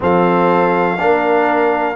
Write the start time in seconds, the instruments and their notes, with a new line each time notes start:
0.00 tuba F3, trombone C4, horn A4, trumpet F5
0.99 tuba A#3, trombone D4, horn A#4